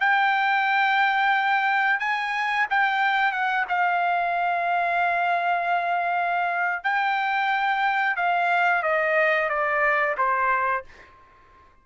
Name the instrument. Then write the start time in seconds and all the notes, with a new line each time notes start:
trumpet
0.00 G5
2.00 G#5
2.70 G5
3.32 F#5
3.69 F5
6.84 G5
8.17 F5
8.83 D#5
9.49 D5
10.18 C5